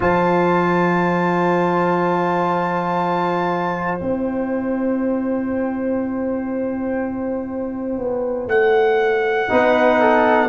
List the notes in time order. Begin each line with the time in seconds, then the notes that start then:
0.00 F3 F4 C5 A5
3.99 C4 E4 G5
7.99 B3
8.47 A3 F#5
9.49 B3 D#4 B4
10.00 A4